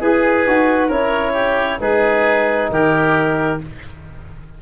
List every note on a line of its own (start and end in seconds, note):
0.00 0.46 E4
0.00 0.87 G#4
0.00 0.47 G#4
0.00 0.90 B4
0.46 0.89 D#4
0.46 0.90 F#4
0.87 1.79 C#4
0.87 1.80 E4
0.87 1.32 A#4
0.87 1.79 C#5
1.33 1.77 G4
1.80 2.70 G#3
1.80 3.59 D#4
1.80 2.71 G#4
1.80 2.69 B4
2.70 3.60 D#3
2.70 3.62 G4
2.70 3.60 A#4